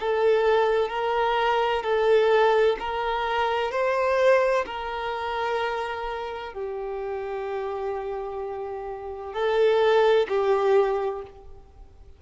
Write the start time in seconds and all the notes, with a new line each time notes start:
0.00 A4
0.89 A#4
1.83 A4
2.79 A#4
3.71 C5
4.65 A#4
6.53 G4
9.33 A4
10.28 G4